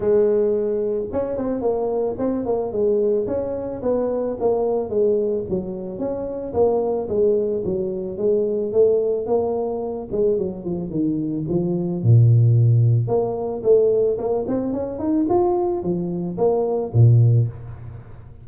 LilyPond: \new Staff \with { instrumentName = "tuba" } { \time 4/4 \tempo 4 = 110 gis2 cis'8 c'8 ais4 | c'8 ais8 gis4 cis'4 b4 | ais4 gis4 fis4 cis'4 | ais4 gis4 fis4 gis4 |
a4 ais4. gis8 fis8 f8 | dis4 f4 ais,2 | ais4 a4 ais8 c'8 cis'8 dis'8 | f'4 f4 ais4 ais,4 | }